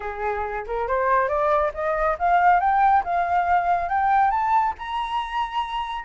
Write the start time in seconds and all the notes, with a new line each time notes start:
0.00 G#4
0.67 A#4
0.87 C5
1.28 D5
1.74 D#5
2.18 F5
2.60 G5
3.04 F5
3.88 G5
4.30 A5
4.78 A#5